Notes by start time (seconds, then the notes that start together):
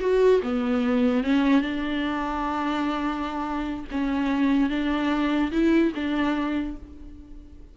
0.00 F#4
0.43 B3
1.23 C#4
1.61 D4
3.91 C#4
4.69 D4
5.51 E4
5.95 D4